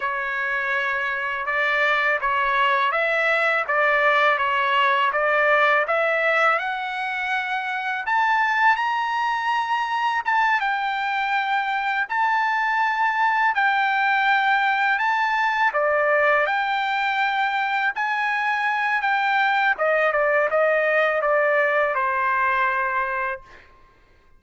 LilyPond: \new Staff \with { instrumentName = "trumpet" } { \time 4/4 \tempo 4 = 82 cis''2 d''4 cis''4 | e''4 d''4 cis''4 d''4 | e''4 fis''2 a''4 | ais''2 a''8 g''4.~ |
g''8 a''2 g''4.~ | g''8 a''4 d''4 g''4.~ | g''8 gis''4. g''4 dis''8 d''8 | dis''4 d''4 c''2 | }